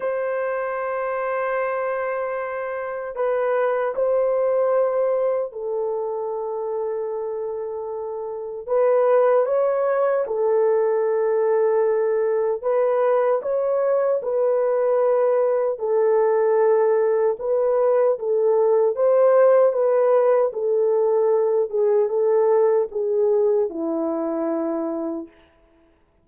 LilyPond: \new Staff \with { instrumentName = "horn" } { \time 4/4 \tempo 4 = 76 c''1 | b'4 c''2 a'4~ | a'2. b'4 | cis''4 a'2. |
b'4 cis''4 b'2 | a'2 b'4 a'4 | c''4 b'4 a'4. gis'8 | a'4 gis'4 e'2 | }